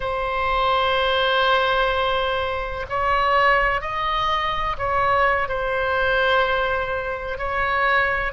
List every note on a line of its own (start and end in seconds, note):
0.00 2.86 C5
2.89 3.81 C#5
3.81 4.76 D#5
4.77 5.48 C#5
5.48 7.38 C5
7.38 8.32 C#5